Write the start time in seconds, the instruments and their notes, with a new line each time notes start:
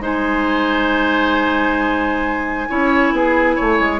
0.00 bassoon G#3, clarinet D#4, oboe C5, flute G#5
2.68 bassoon C#4, clarinet E4, oboe C#5
3.12 bassoon B3, oboe G#4
3.56 bassoon A3, oboe C#5
3.79 bassoon G#3